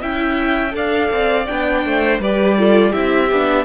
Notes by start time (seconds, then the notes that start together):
0.00 C#4 E4 E5 G5
0.71 D4 A4 D5 F5
1.11 C4
1.46 B3 D4 G5
1.85 A3 C5
2.19 G3 G4 B4 D5
2.58 F4 A4
2.91 C4 E4 G4 E5
3.31 B3 D4